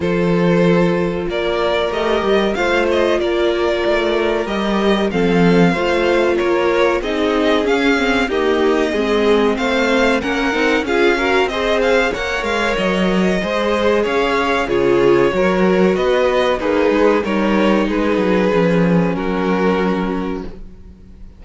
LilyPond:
<<
  \new Staff \with { instrumentName = "violin" } { \time 4/4 \tempo 4 = 94 c''2 d''4 dis''4 | f''8 dis''8 d''2 dis''4 | f''2 cis''4 dis''4 | f''4 dis''2 f''4 |
fis''4 f''4 dis''8 f''8 fis''8 f''8 | dis''2 f''4 cis''4~ | cis''4 dis''4 b'4 cis''4 | b'2 ais'2 | }
  \new Staff \with { instrumentName = "violin" } { \time 4/4 a'2 ais'2 | c''4 ais'2. | a'4 c''4 ais'4 gis'4~ | gis'4 g'4 gis'4 c''4 |
ais'4 gis'8 ais'8 c''4 cis''4~ | cis''4 c''4 cis''4 gis'4 | ais'4 b'4 dis'4 ais'4 | gis'2 fis'2 | }
  \new Staff \with { instrumentName = "viola" } { \time 4/4 f'2. g'4 | f'2. g'4 | c'4 f'2 dis'4 | cis'8 c'8 ais4 c'2 |
cis'8 dis'8 f'8 fis'8 gis'4 ais'4~ | ais'4 gis'2 f'4 | fis'2 gis'4 dis'4~ | dis'4 cis'2. | }
  \new Staff \with { instrumentName = "cello" } { \time 4/4 f2 ais4 a8 g8 | a4 ais4 a4 g4 | f4 a4 ais4 c'4 | cis'4 dis'4 gis4 a4 |
ais8 c'8 cis'4 c'4 ais8 gis8 | fis4 gis4 cis'4 cis4 | fis4 b4 ais8 gis8 g4 | gis8 fis8 f4 fis2 | }
>>